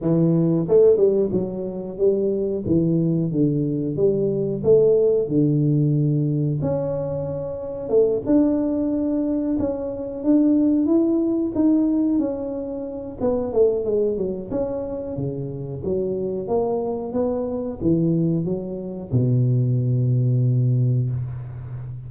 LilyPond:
\new Staff \with { instrumentName = "tuba" } { \time 4/4 \tempo 4 = 91 e4 a8 g8 fis4 g4 | e4 d4 g4 a4 | d2 cis'2 | a8 d'2 cis'4 d'8~ |
d'8 e'4 dis'4 cis'4. | b8 a8 gis8 fis8 cis'4 cis4 | fis4 ais4 b4 e4 | fis4 b,2. | }